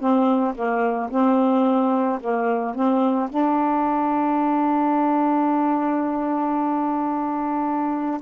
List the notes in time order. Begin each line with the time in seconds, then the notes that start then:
0.00 C4
0.55 A#3
1.11 C4
2.21 A#3
2.75 C4
3.30 D4